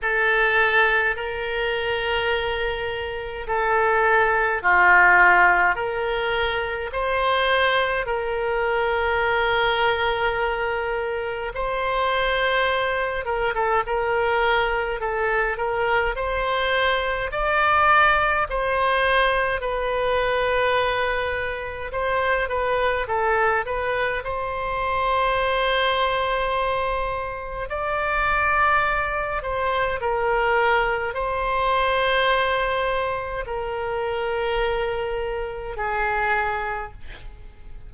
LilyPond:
\new Staff \with { instrumentName = "oboe" } { \time 4/4 \tempo 4 = 52 a'4 ais'2 a'4 | f'4 ais'4 c''4 ais'4~ | ais'2 c''4. ais'16 a'16 | ais'4 a'8 ais'8 c''4 d''4 |
c''4 b'2 c''8 b'8 | a'8 b'8 c''2. | d''4. c''8 ais'4 c''4~ | c''4 ais'2 gis'4 | }